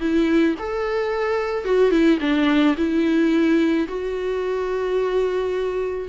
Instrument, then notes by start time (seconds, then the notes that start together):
viola
0.00 E4
0.59 A4
1.65 F#4
1.91 E4
2.21 D4
2.77 E4
3.88 F#4